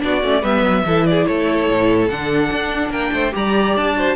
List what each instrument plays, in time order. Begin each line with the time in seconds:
0.00 cello B3, viola D4, violin F#4 D5
0.23 cello A3, viola C#4
0.42 cello G3, viola B3, violin B4 E5
0.62 cello F#3
0.85 cello E3, viola E4, violin A4
1.06 violin G#4 D5
1.26 cello A3, violin A4 C#5
1.69 cello A2
2.09 cello D3, viola D4, violin F#5
2.52 cello D4
2.90 cello A#3, violin A#4 G5
3.12 cello A3, violin C5
3.32 cello G3, viola G4, violin D5 A#5
3.77 cello D4, violin A5
3.97 viola F#4, violin C5